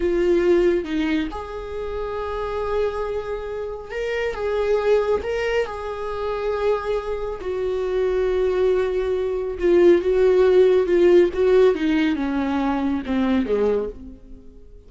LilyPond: \new Staff \with { instrumentName = "viola" } { \time 4/4 \tempo 4 = 138 f'2 dis'4 gis'4~ | gis'1~ | gis'4 ais'4 gis'2 | ais'4 gis'2.~ |
gis'4 fis'2.~ | fis'2 f'4 fis'4~ | fis'4 f'4 fis'4 dis'4 | cis'2 c'4 gis4 | }